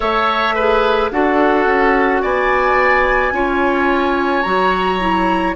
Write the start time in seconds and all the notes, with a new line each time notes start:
0.00 A3 A4 C#5 E5
0.54 G#4 B4
1.11 D4 F#4 A4 F#5
1.65 C#4
2.22 B3 D5 G#5
3.31 C#4 F4 C#5
4.42 F#3 F#4 A#5
4.99 E4